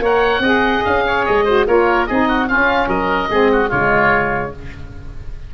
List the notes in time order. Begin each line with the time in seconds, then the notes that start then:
0.00 A#3 A#4 C#5 F#5
0.40 C4 G#4 D#5
0.85 C#4 F5
1.07 C#5
1.26 G#3 D#5
1.45 F#4 C5
1.67 A#3 F4 A#4 C#5
2.06 C4 D#4 G#4 D#5
2.28 F#4
2.47 C#4 F4 F5
2.88 F#3 A#4 D#5
3.30 G#3 C4 G#4
3.53 F#4
3.69 C#3 G#3 F4 C#5